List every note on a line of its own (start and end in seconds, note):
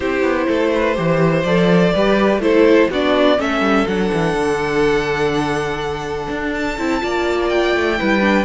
0.00 0.22 C4
0.00 0.94 E4
0.00 0.46 G4
0.00 1.43 C5
0.22 0.46 B3
0.47 0.98 A3
0.47 0.71 A4
0.75 0.96 B4
0.94 1.44 E3
0.94 1.43 G4
0.94 1.93 C5
1.43 1.92 F3
1.43 1.95 A4
1.43 2.40 D5
1.93 2.37 G3
1.93 2.41 G4
1.93 2.41 B4
2.37 2.86 A3
2.37 2.89 E4
2.37 2.90 A4
2.37 2.90 C5
2.90 3.38 B3
2.90 3.37 D4
2.90 3.39 F#4
2.90 3.40 D5
3.37 3.60 A3
3.37 3.85 C#4
3.37 7.01 A4
3.37 3.87 E5
3.60 3.84 G3
3.87 4.11 F#3
3.87 6.78 D4
3.87 6.53 F#5
4.12 4.34 E3
4.34 6.27 D3
6.29 6.77 D4
6.53 7.49 A5
6.77 7.02 C4
6.77 7.00 E4
7.00 7.75 A#3
7.00 7.97 F4
7.00 7.98 D5
7.49 8.45 G5
7.75 8.00 A3
7.97 8.45 G3
7.97 8.20 E4
7.97 8.45 B4
8.20 8.45 D4